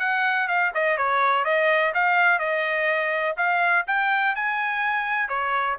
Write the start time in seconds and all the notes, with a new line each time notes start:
0.00 F#5
0.48 F5
0.74 D#5
0.98 C#5
1.45 D#5
1.94 F5
2.40 D#5
3.37 F5
3.88 G5
4.35 G#5
5.29 C#5